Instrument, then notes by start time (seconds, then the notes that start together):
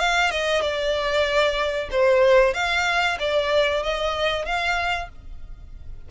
violin
0.00 F5
0.31 D#5
0.62 D5
1.91 C5
2.54 F5
3.20 D5
3.84 D#5
4.46 F5